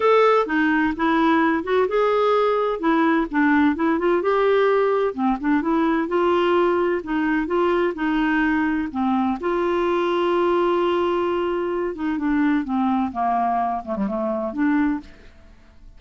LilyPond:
\new Staff \with { instrumentName = "clarinet" } { \time 4/4 \tempo 4 = 128 a'4 dis'4 e'4. fis'8 | gis'2 e'4 d'4 | e'8 f'8 g'2 c'8 d'8 | e'4 f'2 dis'4 |
f'4 dis'2 c'4 | f'1~ | f'4. dis'8 d'4 c'4 | ais4. a16 g16 a4 d'4 | }